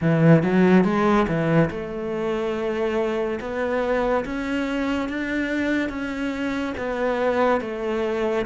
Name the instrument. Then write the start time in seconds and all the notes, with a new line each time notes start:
cello
0.01 E3
0.42 F#3
0.84 G#3
1.27 E3
1.70 A3
3.40 B3
4.25 C#4
5.08 D4
5.89 C#4
6.77 B3
7.61 A3